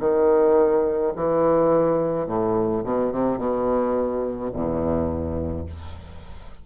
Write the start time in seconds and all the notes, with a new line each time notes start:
0.00 D#3
1.16 E3
2.27 A2
2.84 B2
3.12 C3
3.38 B2
4.53 E2